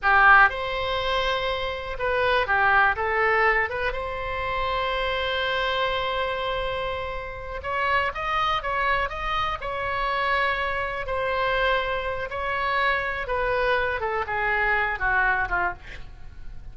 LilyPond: \new Staff \with { instrumentName = "oboe" } { \time 4/4 \tempo 4 = 122 g'4 c''2. | b'4 g'4 a'4. b'8 | c''1~ | c''2.~ c''8 cis''8~ |
cis''8 dis''4 cis''4 dis''4 cis''8~ | cis''2~ cis''8 c''4.~ | c''4 cis''2 b'4~ | b'8 a'8 gis'4. fis'4 f'8 | }